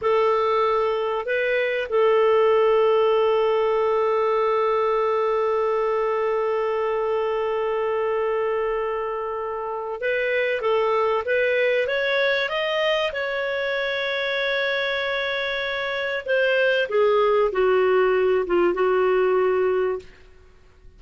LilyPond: \new Staff \with { instrumentName = "clarinet" } { \time 4/4 \tempo 4 = 96 a'2 b'4 a'4~ | a'1~ | a'1~ | a'1 |
b'4 a'4 b'4 cis''4 | dis''4 cis''2.~ | cis''2 c''4 gis'4 | fis'4. f'8 fis'2 | }